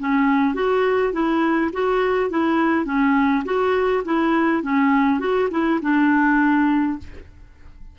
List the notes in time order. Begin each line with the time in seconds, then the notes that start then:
0.00 C#4
0.55 F#4
1.13 E4
1.73 F#4
2.30 E4
2.86 C#4
3.45 F#4
4.05 E4
4.63 C#4
5.20 F#4
5.51 E4
5.82 D4